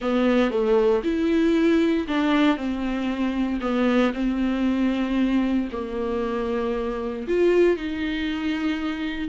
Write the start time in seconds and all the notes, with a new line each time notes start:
0.01 B3
0.50 A3
1.03 E4
2.07 D4
2.56 C4
3.60 B3
4.13 C4
5.72 A#3
7.27 F4
7.76 D#4